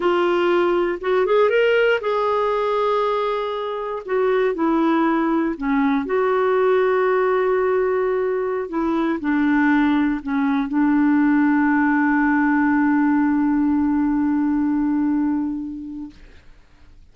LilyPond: \new Staff \with { instrumentName = "clarinet" } { \time 4/4 \tempo 4 = 119 f'2 fis'8 gis'8 ais'4 | gis'1 | fis'4 e'2 cis'4 | fis'1~ |
fis'4~ fis'16 e'4 d'4.~ d'16~ | d'16 cis'4 d'2~ d'8.~ | d'1~ | d'1 | }